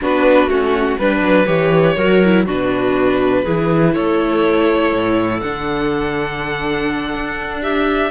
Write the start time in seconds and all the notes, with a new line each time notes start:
0.01 B3 D4 F#4 B4
0.47 A3 C#4 F#4
0.98 G3 D4 B4
1.20 F#3
1.46 E3 G4 C#5
1.95 F#3 F#4 A#4
2.24 E4
2.45 B2 D4 F#4 B4
3.42 E3 E4 G#4
3.93 A3 A4 C#5
4.92 A2
5.40 D3 D4 F#5
7.14 D4
7.62 G4 E5